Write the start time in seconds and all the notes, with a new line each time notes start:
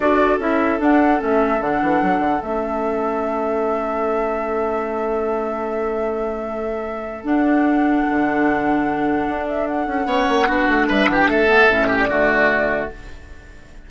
0.00 D4 F#4 A4 D5
0.38 C#4 E4 E5
0.79 D4 F#5
1.18 A3 C#4 E5
1.60 D3 D4 F#5
1.82 E3
2.01 F#3
2.19 D3
2.41 A3 C#4 E5
7.23 D4 F#5
8.09 D3
9.28 D4
9.48 E5
9.67 F#5
9.86 C#4
10.05 B3 C#4 C#5
10.28 A#3
10.46 B3 D4 F#4
10.68 A3
10.88 G3 B4 E5
11.07 E3 G4 F#5
11.15 G5
11.26 A3 A4 E5
11.48 B3
11.68 A2 C#4
11.87 G4
11.99 D5
12.08 D3 A3 F#4